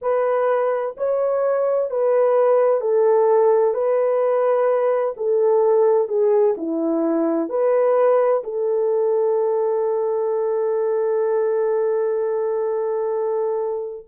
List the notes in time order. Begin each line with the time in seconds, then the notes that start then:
0.01 B4
0.97 C#5
1.90 B4
2.80 A4
3.73 B4
5.16 A4
6.08 G#4
6.57 E4
7.49 B4
8.43 A4